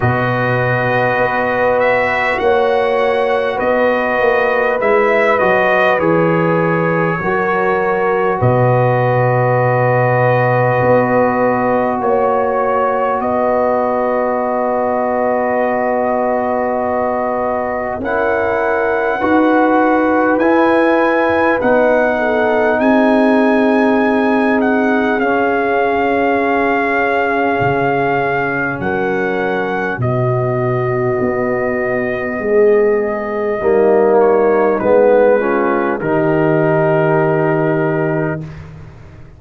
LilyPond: <<
  \new Staff \with { instrumentName = "trumpet" } { \time 4/4 \tempo 4 = 50 dis''4. e''8 fis''4 dis''4 | e''8 dis''8 cis''2 dis''4~ | dis''2 cis''4 dis''4~ | dis''2. fis''4~ |
fis''4 gis''4 fis''4 gis''4~ | gis''8 fis''8 f''2. | fis''4 dis''2.~ | dis''8 cis''8 b'4 ais'2 | }
  \new Staff \with { instrumentName = "horn" } { \time 4/4 b'2 cis''4 b'4~ | b'2 ais'4 b'4~ | b'2 cis''4 b'4~ | b'2. ais'4 |
b'2~ b'8 a'8 gis'4~ | gis'1 | ais'4 fis'2 gis'4 | dis'4. f'8 g'2 | }
  \new Staff \with { instrumentName = "trombone" } { \time 4/4 fis'1 | e'8 fis'8 gis'4 fis'2~ | fis'1~ | fis'2. e'4 |
fis'4 e'4 dis'2~ | dis'4 cis'2.~ | cis'4 b2. | ais4 b8 cis'8 dis'2 | }
  \new Staff \with { instrumentName = "tuba" } { \time 4/4 b,4 b4 ais4 b8 ais8 | gis8 fis8 e4 fis4 b,4~ | b,4 b4 ais4 b4~ | b2. cis'4 |
dis'4 e'4 b4 c'4~ | c'4 cis'2 cis4 | fis4 b,4 b4 gis4 | g4 gis4 dis2 | }
>>